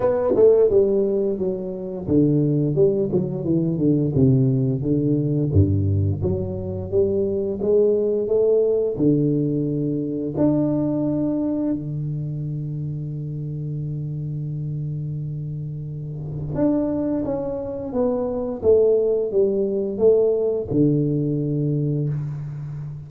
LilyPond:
\new Staff \with { instrumentName = "tuba" } { \time 4/4 \tempo 4 = 87 b8 a8 g4 fis4 d4 | g8 fis8 e8 d8 c4 d4 | g,4 fis4 g4 gis4 | a4 d2 d'4~ |
d'4 d2.~ | d1 | d'4 cis'4 b4 a4 | g4 a4 d2 | }